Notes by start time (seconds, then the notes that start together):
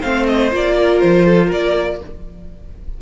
0.00 A3 C4 C5 F5
0.26 D#5
0.51 A#3 F4 D5
0.76 A#4
1.00 F3 C5
1.26 A4
1.47 A#3 A#4 D5